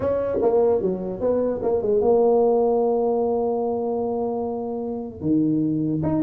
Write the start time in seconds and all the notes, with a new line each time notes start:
0.00 C#4
0.41 A#3
0.81 F#3
1.20 B3
1.62 A#3
1.82 G#3
2.01 A#3
5.21 D#3
6.03 D#4